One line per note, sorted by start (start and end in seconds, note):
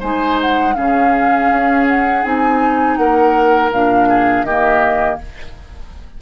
0.00 0.76 G#3
0.00 0.75 D#4
0.00 0.74 C5
0.00 0.39 G#5
0.41 0.75 F#5
0.75 1.51 C#3
0.75 2.23 C#4
0.75 2.99 G#4
0.75 1.86 F5
1.51 2.24 C#4
1.87 2.24 F#5
2.23 2.98 C4
2.23 3.71 D#4
2.23 2.96 G#5
2.96 3.71 A#3
2.96 4.09 A#4
2.96 3.71 F#5
3.71 4.43 A#2
3.71 4.47 D4
3.71 4.44 F5
4.09 4.46 G#4
4.43 5.17 D#3
4.43 5.21 A#3
4.43 5.20 G4
4.43 5.18 D#5